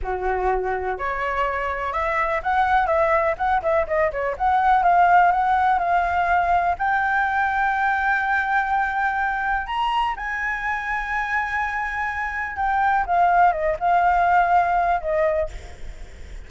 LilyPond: \new Staff \with { instrumentName = "flute" } { \time 4/4 \tempo 4 = 124 fis'2 cis''2 | e''4 fis''4 e''4 fis''8 e''8 | dis''8 cis''8 fis''4 f''4 fis''4 | f''2 g''2~ |
g''1 | ais''4 gis''2.~ | gis''2 g''4 f''4 | dis''8 f''2~ f''8 dis''4 | }